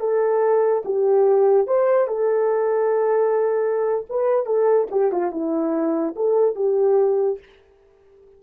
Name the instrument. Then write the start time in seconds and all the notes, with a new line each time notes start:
horn
0.00 A4
0.85 G4
1.67 C5
2.08 A4
4.10 B4
4.46 A4
4.91 G4
5.12 F4
5.32 E4
6.16 A4
6.56 G4